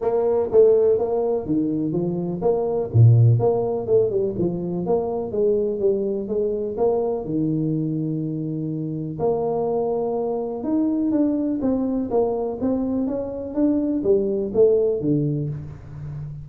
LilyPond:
\new Staff \with { instrumentName = "tuba" } { \time 4/4 \tempo 4 = 124 ais4 a4 ais4 dis4 | f4 ais4 ais,4 ais4 | a8 g8 f4 ais4 gis4 | g4 gis4 ais4 dis4~ |
dis2. ais4~ | ais2 dis'4 d'4 | c'4 ais4 c'4 cis'4 | d'4 g4 a4 d4 | }